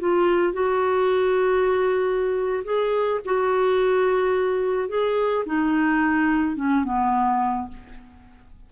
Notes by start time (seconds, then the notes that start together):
0.00 F4
0.53 F#4
2.64 G#4
3.25 F#4
4.89 G#4
5.46 D#4
6.56 C#4
6.84 B3